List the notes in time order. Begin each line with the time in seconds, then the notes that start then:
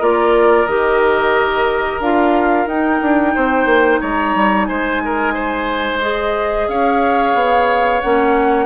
0.00 A#3 F4 A#4 D5
0.67 D#3 G4 D#5
2.00 D4 F4 F5
2.67 D#4 G5
3.02 D4
3.35 C4 C5
3.66 A#3
4.01 G#3 C#5 A#5
4.36 G3
4.66 G#3 C5 G#5
5.06 A#4
5.34 C5
6.02 G#4 D#5
6.68 C#4 C#5 F5
7.35 B3
8.02 A#3 C#4 F#5